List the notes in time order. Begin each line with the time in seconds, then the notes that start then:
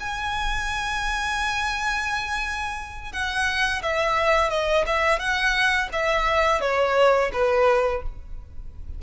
0.00 G#5
3.12 F#5
3.82 E5
4.50 D#5
4.87 E5
5.19 F#5
5.92 E5
6.61 C#5
7.33 B4